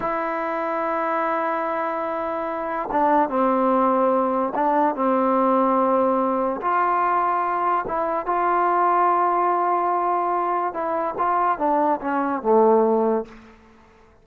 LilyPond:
\new Staff \with { instrumentName = "trombone" } { \time 4/4 \tempo 4 = 145 e'1~ | e'2. d'4 | c'2. d'4 | c'1 |
f'2. e'4 | f'1~ | f'2 e'4 f'4 | d'4 cis'4 a2 | }